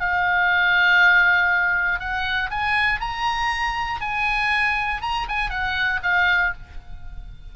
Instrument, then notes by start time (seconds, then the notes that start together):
oboe
0.00 F5
2.00 F#5
2.51 G#5
3.01 A#5
4.01 G#5
5.02 A#5
5.29 G#5
5.51 F#5
6.03 F5